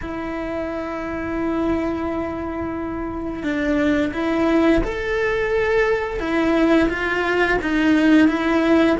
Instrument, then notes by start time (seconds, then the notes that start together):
cello
0.01 E4
3.43 D4
4.13 E4
4.83 A4
6.19 E4
6.89 F4
7.61 D#4
8.28 E4